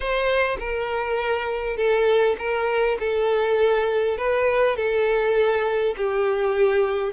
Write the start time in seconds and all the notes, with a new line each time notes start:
0.00 C5
0.59 A#4
1.76 A4
2.38 A#4
2.99 A4
4.17 B4
4.76 A4
5.96 G4